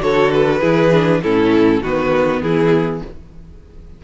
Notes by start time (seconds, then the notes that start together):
0.00 D3 F#4 A4 C#5
0.32 B4
0.61 E3 E4 G#4
0.92 D4
1.23 A2 C#4 E4 A4
1.82 D#3 B3 F#4 B4
2.42 E3 E4 G#4